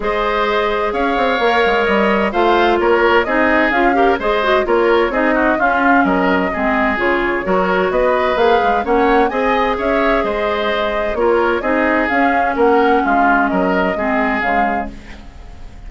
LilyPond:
<<
  \new Staff \with { instrumentName = "flute" } { \time 4/4 \tempo 4 = 129 dis''2 f''2 | dis''4 f''4 cis''4 dis''4 | f''4 dis''4 cis''4 dis''4 | f''4 dis''2 cis''4~ |
cis''4 dis''4 f''4 fis''4 | gis''4 e''4 dis''2 | cis''4 dis''4 f''4 fis''4 | f''4 dis''2 f''4 | }
  \new Staff \with { instrumentName = "oboe" } { \time 4/4 c''2 cis''2~ | cis''4 c''4 ais'4 gis'4~ | gis'8 ais'8 c''4 ais'4 gis'8 fis'8 | f'4 ais'4 gis'2 |
ais'4 b'2 cis''4 | dis''4 cis''4 c''2 | ais'4 gis'2 ais'4 | f'4 ais'4 gis'2 | }
  \new Staff \with { instrumentName = "clarinet" } { \time 4/4 gis'2. ais'4~ | ais'4 f'2 dis'4 | f'8 g'8 gis'8 fis'8 f'4 dis'4 | cis'2 c'4 f'4 |
fis'2 gis'4 cis'4 | gis'1 | f'4 dis'4 cis'2~ | cis'2 c'4 gis4 | }
  \new Staff \with { instrumentName = "bassoon" } { \time 4/4 gis2 cis'8 c'8 ais8 gis8 | g4 a4 ais4 c'4 | cis'4 gis4 ais4 c'4 | cis'4 fis4 gis4 cis4 |
fis4 b4 ais8 gis8 ais4 | c'4 cis'4 gis2 | ais4 c'4 cis'4 ais4 | gis4 fis4 gis4 cis4 | }
>>